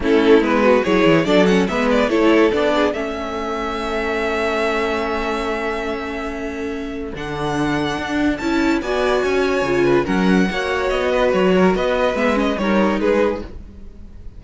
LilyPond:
<<
  \new Staff \with { instrumentName = "violin" } { \time 4/4 \tempo 4 = 143 a'4 b'4 cis''4 d''8 fis''8 | e''8 d''8 cis''4 d''4 e''4~ | e''1~ | e''1~ |
e''4 fis''2. | a''4 gis''2. | fis''2 dis''4 cis''4 | dis''4 e''8 dis''8 cis''4 b'4 | }
  \new Staff \with { instrumentName = "violin" } { \time 4/4 e'4. fis'8 gis'4 a'4 | b'4 a'4. gis'8 a'4~ | a'1~ | a'1~ |
a'1~ | a'4 d''4 cis''4. b'8 | ais'4 cis''4. b'4 ais'8 | b'2 ais'4 gis'4 | }
  \new Staff \with { instrumentName = "viola" } { \time 4/4 cis'4 b4 e'4 d'8 cis'8 | b4 e'4 d'4 cis'4~ | cis'1~ | cis'1~ |
cis'4 d'2. | e'4 fis'2 f'4 | cis'4 fis'2.~ | fis'4 b8 cis'8 dis'2 | }
  \new Staff \with { instrumentName = "cello" } { \time 4/4 a4 gis4 fis8 e8 fis4 | gis4 a4 b4 a4~ | a1~ | a1~ |
a4 d2 d'4 | cis'4 b4 cis'4 cis4 | fis4 ais4 b4 fis4 | b4 gis4 g4 gis4 | }
>>